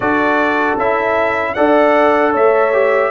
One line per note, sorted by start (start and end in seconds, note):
0.00 0.74 D4
0.00 0.78 F#4
0.00 1.51 A4
0.00 0.77 D5
0.77 1.55 C#4
0.77 1.56 E4
0.77 1.54 E5
1.54 2.34 D4
1.54 2.73 A4
1.54 2.32 D5
1.54 2.32 F#5
2.32 3.11 A3
2.32 3.10 C#5
2.32 3.11 E5
2.73 3.11 G4